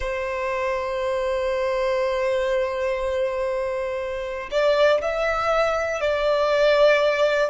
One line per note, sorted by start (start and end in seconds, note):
0.00 4.50 C5
4.50 5.00 D5
5.01 6.00 E5
6.00 7.50 D5